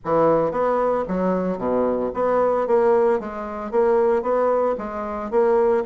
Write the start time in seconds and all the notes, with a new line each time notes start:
0.04 E3
0.51 B3
1.08 F#3
1.58 B2
2.14 B3
2.67 A#3
3.19 G#3
3.71 A#3
4.22 B3
4.78 G#3
5.30 A#3